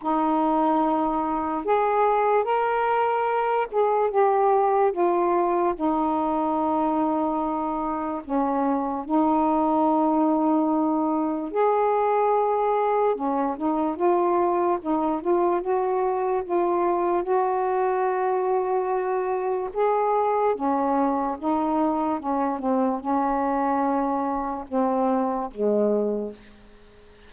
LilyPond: \new Staff \with { instrumentName = "saxophone" } { \time 4/4 \tempo 4 = 73 dis'2 gis'4 ais'4~ | ais'8 gis'8 g'4 f'4 dis'4~ | dis'2 cis'4 dis'4~ | dis'2 gis'2 |
cis'8 dis'8 f'4 dis'8 f'8 fis'4 | f'4 fis'2. | gis'4 cis'4 dis'4 cis'8 c'8 | cis'2 c'4 gis4 | }